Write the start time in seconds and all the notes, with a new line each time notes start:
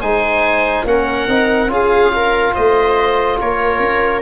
0.00 G#3 D#4 C5 G#5
0.84 A#3 C#4 A#4 F#5
1.27 C4 D#4
1.67 C#4 F4 G#4 F5
2.15 A#4
2.53 A3 C5 D#5
3.40 A#3 A#4 C#5
3.79 C#4